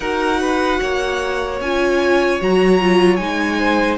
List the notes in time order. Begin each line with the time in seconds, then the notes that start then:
0.00 D#4 F#4 A#4 F#5
0.40 B4
0.81 A#3 C#5
1.60 C#4 F4 G#5
2.40 F#3 F#4 A#5
2.80 F4
3.16 G#3 D#4 G#5
3.58 C5